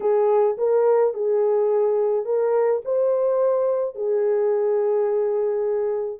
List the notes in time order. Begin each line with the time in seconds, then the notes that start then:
0.00 G#4
0.57 A#4
1.14 G#4
2.25 A#4
2.84 C5
3.95 G#4